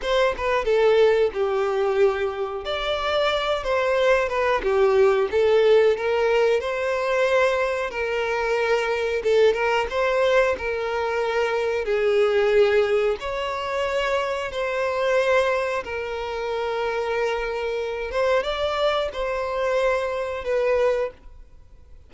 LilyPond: \new Staff \with { instrumentName = "violin" } { \time 4/4 \tempo 4 = 91 c''8 b'8 a'4 g'2 | d''4. c''4 b'8 g'4 | a'4 ais'4 c''2 | ais'2 a'8 ais'8 c''4 |
ais'2 gis'2 | cis''2 c''2 | ais'2.~ ais'8 c''8 | d''4 c''2 b'4 | }